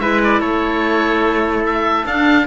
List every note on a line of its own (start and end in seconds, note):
0.00 0.40 G#3
0.00 2.07 E4
0.00 0.40 B4
0.00 0.21 E5
0.24 0.41 D5
0.40 2.05 A3
0.40 2.46 A4
0.40 1.64 C#5
1.66 2.06 E5
2.06 2.47 D4
2.06 2.47 F5